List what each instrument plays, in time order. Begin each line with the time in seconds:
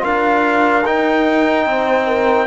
0.00 cello D4, trombone F4, horn A#4, trumpet F5
0.85 cello D#4, trombone D#4, trumpet G5
1.67 cello C4, horn C5
2.07 horn A#4